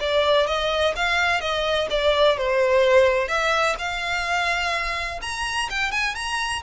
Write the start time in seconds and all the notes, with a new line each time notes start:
0.00 D5
0.47 D#5
0.96 F5
1.40 D#5
1.90 D5
2.37 C5
3.28 E5
3.78 F5
5.22 A#5
5.70 G5
5.91 G#5
6.15 A#5